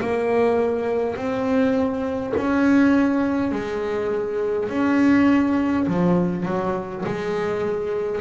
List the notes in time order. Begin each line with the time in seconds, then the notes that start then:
0.00 A#3
1.16 C4
2.37 C#4
3.51 G#3
4.69 C#4
5.87 F3
6.45 F#3
7.05 G#3